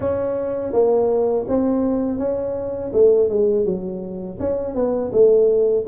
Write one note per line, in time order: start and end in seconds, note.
0.00 0.73 C#4
0.73 1.46 A#3
1.48 2.18 C4
2.18 2.91 C#4
2.92 3.29 A3
3.29 3.65 G#3
3.65 4.38 F#3
4.39 4.74 C#4
4.74 5.11 B3
5.12 5.85 A3